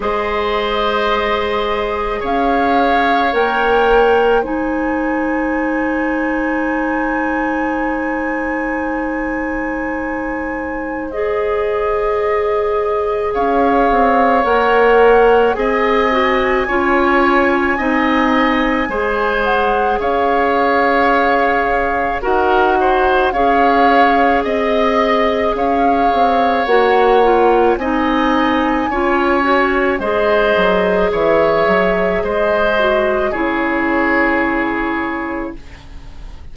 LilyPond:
<<
  \new Staff \with { instrumentName = "flute" } { \time 4/4 \tempo 4 = 54 dis''2 f''4 g''4 | gis''1~ | gis''2 dis''2 | f''4 fis''4 gis''2~ |
gis''4. fis''8 f''2 | fis''4 f''4 dis''4 f''4 | fis''4 gis''2 dis''4 | e''4 dis''4 cis''2 | }
  \new Staff \with { instrumentName = "oboe" } { \time 4/4 c''2 cis''2 | c''1~ | c''1 | cis''2 dis''4 cis''4 |
dis''4 c''4 cis''2 | ais'8 c''8 cis''4 dis''4 cis''4~ | cis''4 dis''4 cis''4 c''4 | cis''4 c''4 gis'2 | }
  \new Staff \with { instrumentName = "clarinet" } { \time 4/4 gis'2. ais'4 | dis'1~ | dis'2 gis'2~ | gis'4 ais'4 gis'8 fis'8 f'4 |
dis'4 gis'2. | fis'4 gis'2. | fis'8 f'8 dis'4 f'8 fis'8 gis'4~ | gis'4. fis'8 e'2 | }
  \new Staff \with { instrumentName = "bassoon" } { \time 4/4 gis2 cis'4 ais4 | gis1~ | gis1 | cis'8 c'8 ais4 c'4 cis'4 |
c'4 gis4 cis'2 | dis'4 cis'4 c'4 cis'8 c'8 | ais4 c'4 cis'4 gis8 fis8 | e8 fis8 gis4 cis2 | }
>>